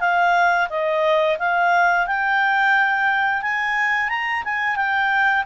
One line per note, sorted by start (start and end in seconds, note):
0.00 0.68 F5
0.70 1.38 D#5
1.39 2.07 F5
2.07 3.42 G5
3.42 4.09 G#5
4.09 4.43 A#5
4.45 4.76 G#5
4.76 5.44 G5